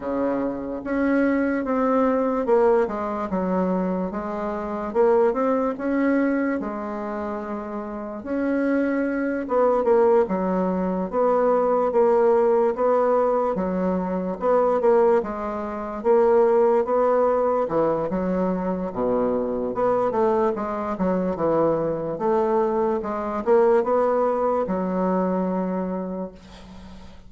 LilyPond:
\new Staff \with { instrumentName = "bassoon" } { \time 4/4 \tempo 4 = 73 cis4 cis'4 c'4 ais8 gis8 | fis4 gis4 ais8 c'8 cis'4 | gis2 cis'4. b8 | ais8 fis4 b4 ais4 b8~ |
b8 fis4 b8 ais8 gis4 ais8~ | ais8 b4 e8 fis4 b,4 | b8 a8 gis8 fis8 e4 a4 | gis8 ais8 b4 fis2 | }